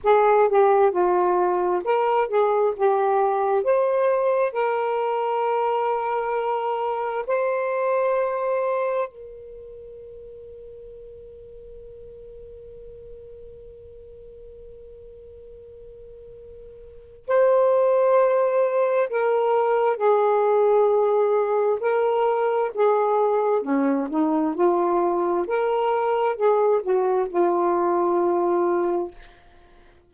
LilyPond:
\new Staff \with { instrumentName = "saxophone" } { \time 4/4 \tempo 4 = 66 gis'8 g'8 f'4 ais'8 gis'8 g'4 | c''4 ais'2. | c''2 ais'2~ | ais'1~ |
ais'2. c''4~ | c''4 ais'4 gis'2 | ais'4 gis'4 cis'8 dis'8 f'4 | ais'4 gis'8 fis'8 f'2 | }